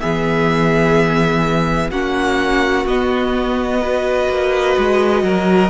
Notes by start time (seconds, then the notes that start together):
0.00 E3 B3 G#4 E5
1.90 A#3 C#4 F#4 F#5
2.86 B3 D#5
3.81 F#4 B4
4.29 A#3
4.78 G#3
5.23 F#3 A#4